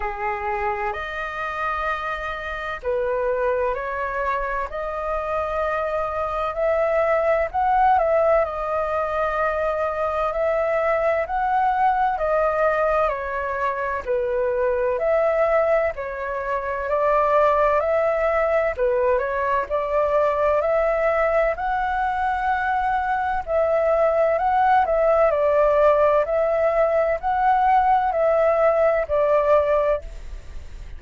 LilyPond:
\new Staff \with { instrumentName = "flute" } { \time 4/4 \tempo 4 = 64 gis'4 dis''2 b'4 | cis''4 dis''2 e''4 | fis''8 e''8 dis''2 e''4 | fis''4 dis''4 cis''4 b'4 |
e''4 cis''4 d''4 e''4 | b'8 cis''8 d''4 e''4 fis''4~ | fis''4 e''4 fis''8 e''8 d''4 | e''4 fis''4 e''4 d''4 | }